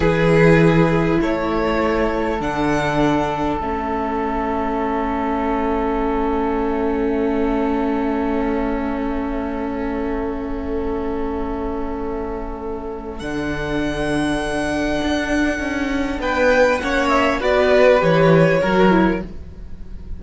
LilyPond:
<<
  \new Staff \with { instrumentName = "violin" } { \time 4/4 \tempo 4 = 100 b'2 cis''2 | fis''2 e''2~ | e''1~ | e''1~ |
e''1~ | e''2 fis''2~ | fis''2. g''4 | fis''8 e''8 d''4 cis''2 | }
  \new Staff \with { instrumentName = "violin" } { \time 4/4 gis'2 a'2~ | a'1~ | a'1~ | a'1~ |
a'1~ | a'1~ | a'2. b'4 | cis''4 b'2 ais'4 | }
  \new Staff \with { instrumentName = "viola" } { \time 4/4 e'1 | d'2 cis'2~ | cis'1~ | cis'1~ |
cis'1~ | cis'2 d'2~ | d'1 | cis'4 fis'4 g'4 fis'8 e'8 | }
  \new Staff \with { instrumentName = "cello" } { \time 4/4 e2 a2 | d2 a2~ | a1~ | a1~ |
a1~ | a2 d2~ | d4 d'4 cis'4 b4 | ais4 b4 e4 fis4 | }
>>